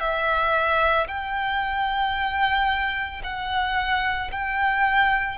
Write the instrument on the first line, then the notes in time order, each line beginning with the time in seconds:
violin
0.00 E5
1.08 G5
3.23 F#5
4.31 G5